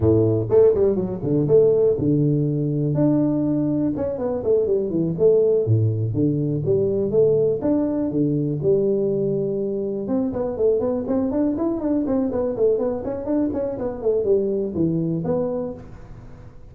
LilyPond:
\new Staff \with { instrumentName = "tuba" } { \time 4/4 \tempo 4 = 122 a,4 a8 g8 fis8 d8 a4 | d2 d'2 | cis'8 b8 a8 g8 e8 a4 a,8~ | a,8 d4 g4 a4 d'8~ |
d'8 d4 g2~ g8~ | g8 c'8 b8 a8 b8 c'8 d'8 e'8 | d'8 c'8 b8 a8 b8 cis'8 d'8 cis'8 | b8 a8 g4 e4 b4 | }